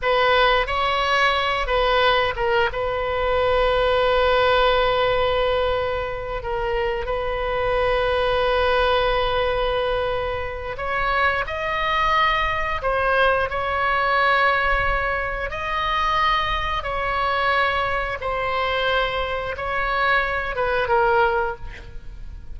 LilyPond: \new Staff \with { instrumentName = "oboe" } { \time 4/4 \tempo 4 = 89 b'4 cis''4. b'4 ais'8 | b'1~ | b'4. ais'4 b'4.~ | b'1 |
cis''4 dis''2 c''4 | cis''2. dis''4~ | dis''4 cis''2 c''4~ | c''4 cis''4. b'8 ais'4 | }